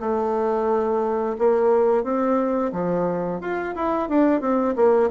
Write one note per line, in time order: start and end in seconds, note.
0.00 1.36 A3
1.39 2.04 A#3
2.04 2.72 C4
2.73 3.41 F3
3.41 3.75 F4
3.76 4.09 E4
4.09 4.41 D4
4.41 4.75 C4
4.76 5.10 A#3